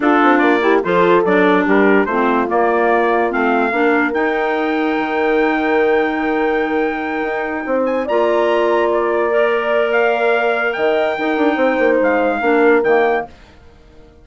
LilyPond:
<<
  \new Staff \with { instrumentName = "trumpet" } { \time 4/4 \tempo 4 = 145 a'4 d''4 c''4 d''4 | ais'4 c''4 d''2 | f''2 g''2~ | g''1~ |
g''2. gis''8 ais''8~ | ais''4. d''2~ d''8 | f''2 g''2~ | g''4 f''2 g''4 | }
  \new Staff \with { instrumentName = "horn" } { \time 4/4 f'4. g'8 a'2 | g'4 f'2.~ | f'4 ais'2.~ | ais'1~ |
ais'2~ ais'8 c''4 d''8~ | d''1~ | d''2 dis''4 ais'4 | c''2 ais'2 | }
  \new Staff \with { instrumentName = "clarinet" } { \time 4/4 d'4. e'8 f'4 d'4~ | d'4 c'4 ais2 | c'4 d'4 dis'2~ | dis'1~ |
dis'2.~ dis'8 f'8~ | f'2~ f'8 ais'4.~ | ais'2. dis'4~ | dis'2 d'4 ais4 | }
  \new Staff \with { instrumentName = "bassoon" } { \time 4/4 d'8 c'8 ais4 f4 fis4 | g4 a4 ais2 | a4 ais4 dis'2 | dis1~ |
dis4. dis'4 c'4 ais8~ | ais1~ | ais2 dis4 dis'8 d'8 | c'8 ais8 gis4 ais4 dis4 | }
>>